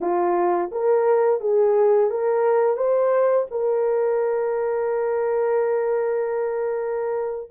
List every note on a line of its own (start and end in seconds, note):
0.00 0.70 F4
0.71 1.40 A#4
1.40 2.10 G#4
2.10 2.76 A#4
2.76 3.46 C5
3.50 7.50 A#4